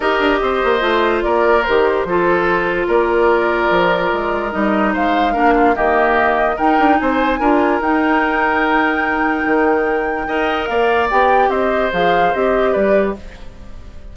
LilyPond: <<
  \new Staff \with { instrumentName = "flute" } { \time 4/4 \tempo 4 = 146 dis''2. d''4 | c''2. d''4~ | d''2. dis''4 | f''2 dis''2 |
g''4 gis''2 g''4~ | g''1~ | g''2 f''4 g''4 | dis''4 f''4 dis''4 d''4 | }
  \new Staff \with { instrumentName = "oboe" } { \time 4/4 ais'4 c''2 ais'4~ | ais'4 a'2 ais'4~ | ais'1 | c''4 ais'8 f'8 g'2 |
ais'4 c''4 ais'2~ | ais'1~ | ais'4 dis''4 d''2 | c''2. b'4 | }
  \new Staff \with { instrumentName = "clarinet" } { \time 4/4 g'2 f'2 | g'4 f'2.~ | f'2. dis'4~ | dis'4 d'4 ais2 |
dis'2 f'4 dis'4~ | dis'1~ | dis'4 ais'2 g'4~ | g'4 gis'4 g'2 | }
  \new Staff \with { instrumentName = "bassoon" } { \time 4/4 dis'8 d'8 c'8 ais8 a4 ais4 | dis4 f2 ais4~ | ais4 f4 gis4 g4 | gis4 ais4 dis2 |
dis'8 d'8 c'4 d'4 dis'4~ | dis'2. dis4~ | dis4 dis'4 ais4 b4 | c'4 f4 c'4 g4 | }
>>